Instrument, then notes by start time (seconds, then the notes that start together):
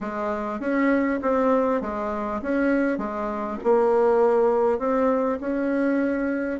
bassoon
0.00 G#3
0.60 C#4
1.22 C4
1.81 G#3
2.42 C#4
2.98 G#3
3.63 A#3
4.78 C4
5.40 C#4